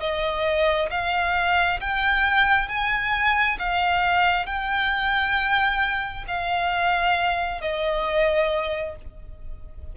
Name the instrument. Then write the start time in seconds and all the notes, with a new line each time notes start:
violin
0.00 D#5
0.90 F5
1.80 G5
2.68 G#5
3.59 F5
4.46 G5
6.27 F5
7.61 D#5